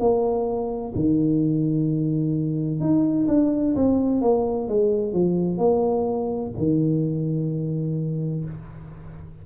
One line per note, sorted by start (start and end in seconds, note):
0.00 0.94 A#3
0.95 2.81 D#3
2.81 3.28 D#4
3.28 3.75 D4
3.76 4.22 C4
4.22 4.69 A#3
4.69 5.13 G#3
5.13 5.58 F3
5.58 6.52 A#3
6.58 8.45 D#3